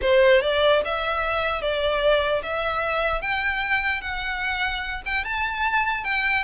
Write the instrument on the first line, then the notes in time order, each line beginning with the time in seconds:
violin
0.01 C5
0.41 D5
0.84 E5
1.61 D5
2.42 E5
3.21 G5
4.01 F#5
5.05 G5
5.24 A5
6.04 G5